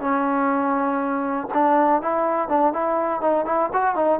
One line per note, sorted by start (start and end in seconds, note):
0.00 1.48 C#4
1.54 2.02 D4
2.02 2.48 E4
2.48 2.73 D4
2.73 3.21 E4
3.21 3.45 D#4
3.45 3.70 E4
3.73 3.95 F#4
3.95 4.20 D#4